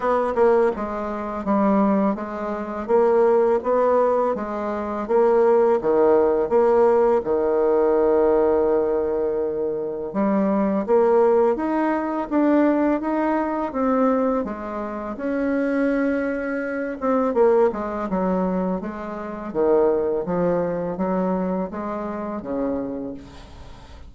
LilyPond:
\new Staff \with { instrumentName = "bassoon" } { \time 4/4 \tempo 4 = 83 b8 ais8 gis4 g4 gis4 | ais4 b4 gis4 ais4 | dis4 ais4 dis2~ | dis2 g4 ais4 |
dis'4 d'4 dis'4 c'4 | gis4 cis'2~ cis'8 c'8 | ais8 gis8 fis4 gis4 dis4 | f4 fis4 gis4 cis4 | }